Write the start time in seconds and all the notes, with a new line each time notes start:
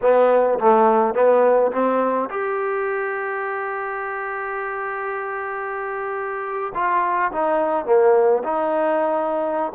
0.01 B3
0.59 A3
1.14 B3
1.72 C4
2.30 G4
6.74 F4
7.31 D#4
7.85 A#3
8.43 D#4